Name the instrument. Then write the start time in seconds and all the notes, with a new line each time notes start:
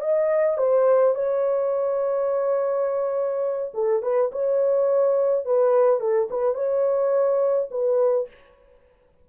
horn
0.00 D#5
0.57 C5
1.15 C#5
3.74 A4
4.02 B4
4.31 C#5
5.45 B4
5.99 A4
6.30 B4
6.54 C#5
7.70 B4